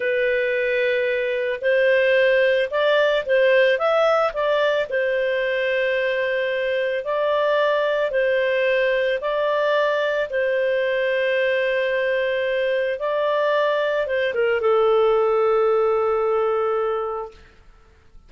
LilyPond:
\new Staff \with { instrumentName = "clarinet" } { \time 4/4 \tempo 4 = 111 b'2. c''4~ | c''4 d''4 c''4 e''4 | d''4 c''2.~ | c''4 d''2 c''4~ |
c''4 d''2 c''4~ | c''1 | d''2 c''8 ais'8 a'4~ | a'1 | }